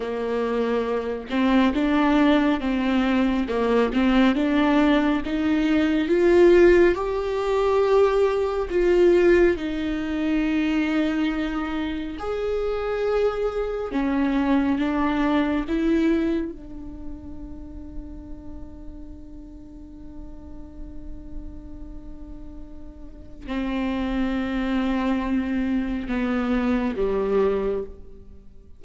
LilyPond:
\new Staff \with { instrumentName = "viola" } { \time 4/4 \tempo 4 = 69 ais4. c'8 d'4 c'4 | ais8 c'8 d'4 dis'4 f'4 | g'2 f'4 dis'4~ | dis'2 gis'2 |
cis'4 d'4 e'4 d'4~ | d'1~ | d'2. c'4~ | c'2 b4 g4 | }